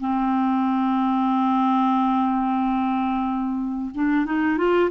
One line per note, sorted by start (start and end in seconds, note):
0.00 3.91 C4
3.95 4.25 D4
4.25 4.57 D#4
4.57 4.90 F4